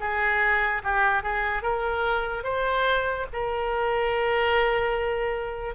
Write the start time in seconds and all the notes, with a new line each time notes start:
0.00 G#4
0.84 G4
1.23 G#4
1.63 A#4
2.44 C5
3.33 A#4